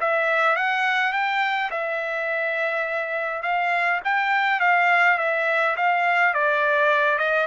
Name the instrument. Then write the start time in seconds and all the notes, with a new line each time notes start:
trumpet
0.00 E5
0.56 F#5
1.12 G5
1.70 E5
3.42 F5
4.04 G5
4.60 F5
5.18 E5
5.76 F5
6.34 D5
7.18 D#5